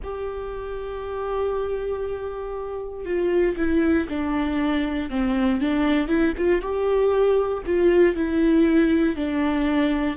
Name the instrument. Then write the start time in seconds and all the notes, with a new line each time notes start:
viola
0.03 G4
3.05 F4
3.56 E4
4.09 D4
5.10 C4
5.60 D4
6.07 E4
6.37 F4
6.61 G4
7.65 F4
8.15 E4
9.16 D4